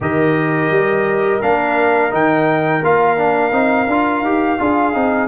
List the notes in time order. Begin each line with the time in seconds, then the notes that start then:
0.00 D#3 G4 A#4 D#5
0.70 G3
1.41 A#3 D4 F5
2.10 D#3 D#4 G5
2.83 A#3 F4 F5
3.17 D4
3.51 C4 D#4
3.87 D4 F4
4.21 D#4 G4
4.58 D4 F4 G#4
4.93 C4 D#4